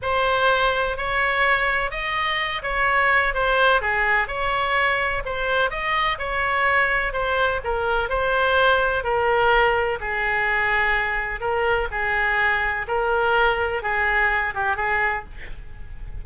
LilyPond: \new Staff \with { instrumentName = "oboe" } { \time 4/4 \tempo 4 = 126 c''2 cis''2 | dis''4. cis''4. c''4 | gis'4 cis''2 c''4 | dis''4 cis''2 c''4 |
ais'4 c''2 ais'4~ | ais'4 gis'2. | ais'4 gis'2 ais'4~ | ais'4 gis'4. g'8 gis'4 | }